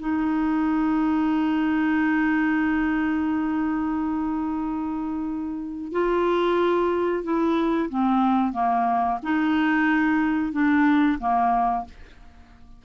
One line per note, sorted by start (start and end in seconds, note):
0.00 5.93 D#4
5.93 7.24 F4
7.24 7.90 E4
7.90 8.53 C4
8.53 9.19 A#3
9.23 10.53 D#4
10.53 11.19 D4
11.19 11.85 A#3